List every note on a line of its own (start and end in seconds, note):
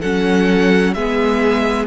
0.00 0.95 F#3
0.00 0.96 C#4
0.00 0.92 A4
0.00 0.94 F#5
0.94 1.87 G#3
0.94 1.87 B3
0.94 1.87 G#4
0.94 1.86 E5